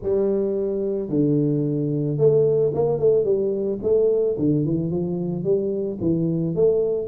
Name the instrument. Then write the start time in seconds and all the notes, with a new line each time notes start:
tuba
0.02 G3
1.09 D3
2.17 A3
2.73 A#3
2.99 A3
3.24 G3
3.82 A3
4.38 D3
4.65 E3
4.90 F3
5.43 G3
6.00 E3
6.55 A3